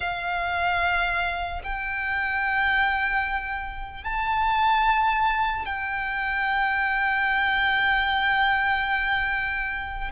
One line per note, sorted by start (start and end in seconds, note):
0.00 1.61 F5
1.63 4.04 G5
4.04 5.65 A5
5.65 10.11 G5